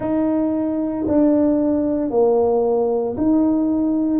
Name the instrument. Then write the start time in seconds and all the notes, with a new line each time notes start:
tuba
0.00 D#4
1.07 D4
2.10 A#3
3.17 D#4